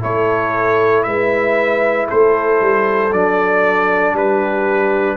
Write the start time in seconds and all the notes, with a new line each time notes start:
0.00 A3 E4 A4 C#5
1.04 G#3 B4 E5
2.08 A3 A4 C5
2.61 G3
3.13 F#3 D4 D5
4.14 G3 G4 B4